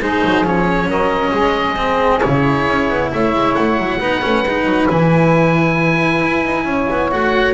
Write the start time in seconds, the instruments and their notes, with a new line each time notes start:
0.00 double bass G#3, cello D#4, saxophone G#4, oboe C5
0.24 double bass F#3
0.44 double bass F3, cello C#4, oboe C#5
0.86 double bass F#3, saxophone A#4, oboe D#5
1.31 double bass G#3, saxophone G#4
1.76 cello C4
2.21 double bass C#3, cello E4, oboe C#5
2.68 double bass C#4
2.89 double bass B3
3.12 double bass A3, saxophone C#5, oboe E5
3.33 double bass G#3
3.54 double bass A3, oboe F#5
3.77 double bass F#3
3.98 double bass B3, cello D#4, saxophone B4
4.22 double bass A3, cello C#4
4.43 double bass G#3, cello D#4
4.65 double bass F#3
4.89 double bass E3, cello E4, oboe G#5
6.24 double bass E4
6.45 double bass D#4
6.64 double bass C#4, saxophone C#5
6.90 double bass B3
7.11 double bass A3, cello F#4, oboe F#5